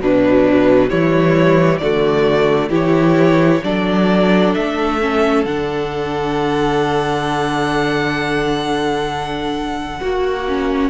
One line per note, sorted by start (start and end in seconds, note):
0.00 0.91 B2
0.00 0.90 F#3
0.00 0.89 D4
0.00 0.90 B4
0.89 1.81 E3
0.89 1.81 G3
0.89 1.80 E4
0.89 1.78 C#5
1.78 2.70 D3
1.78 2.70 A3
1.78 2.69 F#4
1.78 2.69 D5
2.69 3.61 E3
2.69 3.61 E4
2.69 3.60 G4
2.69 3.64 C#5
3.64 4.55 F#3
3.64 5.00 D4
3.64 9.99 A4
3.64 4.54 D5
4.54 5.45 A3
4.54 5.45 E5
5.01 5.46 C#4
5.45 9.99 D3
5.45 10.01 D4
5.45 10.90 F#5
9.99 10.90 A#3
9.99 10.90 F#4
9.99 10.47 F#4
10.48 10.90 C#4